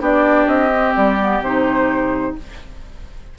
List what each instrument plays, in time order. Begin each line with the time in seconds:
0.00 bassoon B3, clarinet D4, oboe G4, flute D5
0.47 bassoon C4, flute D#5
0.74 clarinet C4
0.96 bassoon G3, flute D5
1.19 clarinet B3
1.40 bassoon C3, clarinet D#4, flute C5